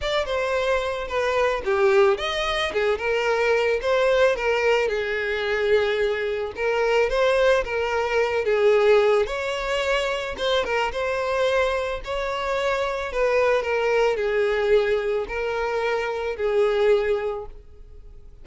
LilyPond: \new Staff \with { instrumentName = "violin" } { \time 4/4 \tempo 4 = 110 d''8 c''4. b'4 g'4 | dis''4 gis'8 ais'4. c''4 | ais'4 gis'2. | ais'4 c''4 ais'4. gis'8~ |
gis'4 cis''2 c''8 ais'8 | c''2 cis''2 | b'4 ais'4 gis'2 | ais'2 gis'2 | }